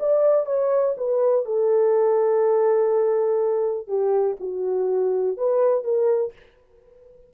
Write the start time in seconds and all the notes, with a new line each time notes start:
0.00 D5
0.46 C#5
0.98 B4
1.45 A4
3.88 G4
4.40 F#4
5.38 B4
5.84 A#4